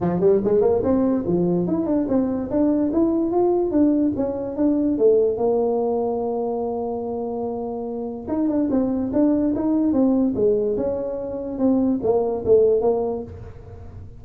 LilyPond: \new Staff \with { instrumentName = "tuba" } { \time 4/4 \tempo 4 = 145 f8 g8 gis8 ais8 c'4 f4 | e'8 d'8 c'4 d'4 e'4 | f'4 d'4 cis'4 d'4 | a4 ais2.~ |
ais1 | dis'8 d'8 c'4 d'4 dis'4 | c'4 gis4 cis'2 | c'4 ais4 a4 ais4 | }